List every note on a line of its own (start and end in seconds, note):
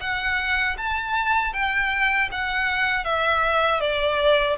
0.00 0.76 F#5
0.77 1.53 A5
1.53 2.29 G5
2.31 3.04 F#5
3.04 3.80 E5
3.80 4.56 D5